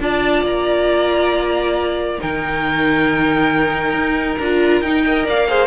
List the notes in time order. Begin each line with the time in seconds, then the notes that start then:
0.00 D4 F4 D5 A5
0.43 A#3 A#5
2.18 D#3 D#4 A#4 G5
3.94 D#4
4.38 D4 F4 A#5
4.81 D#4 G5
5.06 A#4 D#5
5.26 A#3 D5 F5
5.49 G#4 C5